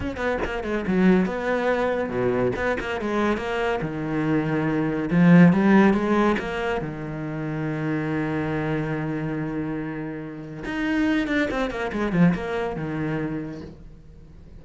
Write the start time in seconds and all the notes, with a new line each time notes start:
0.00 C#4
0.16 B3
0.44 A#3
0.63 G#3
0.87 F#3
1.25 B3
2.09 B2
2.56 B3
2.79 A#3
3.00 G#3
3.37 A#3
3.81 D#3
5.10 F3
5.52 G3
5.93 G#3
6.38 A#3
6.81 D#3
10.64 D#4
11.27 D4
11.50 C4
11.70 A#3
11.92 G#3
12.12 F3
12.34 A#3
12.76 D#3